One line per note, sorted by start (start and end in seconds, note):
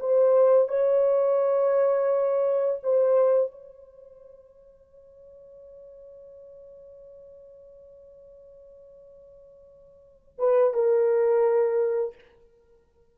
0.00 0.68 C5
0.68 2.80 C#5
2.83 3.51 C5
3.51 10.39 C#5
10.39 10.74 B4
10.74 12.15 A#4